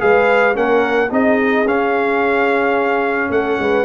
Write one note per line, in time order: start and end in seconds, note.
0.00 0.57 G#3
0.00 0.54 G#4
0.00 0.56 B4
0.00 0.56 F5
0.54 1.12 A#3
0.54 1.09 C#4
0.54 1.11 A#4
0.54 1.12 F#5
1.11 1.66 C4
1.11 1.66 D#4
1.11 3.33 G#4
1.11 1.68 D#5
1.66 3.31 C#4
1.66 3.85 C#4
1.66 3.32 F5
3.31 3.58 A3
3.31 3.61 A4
3.31 3.85 F#5
3.59 3.85 G#3
3.59 3.85 B4